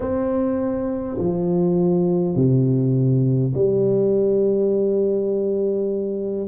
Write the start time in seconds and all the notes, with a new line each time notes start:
0.00 C4
1.18 F3
2.35 C3
3.54 G3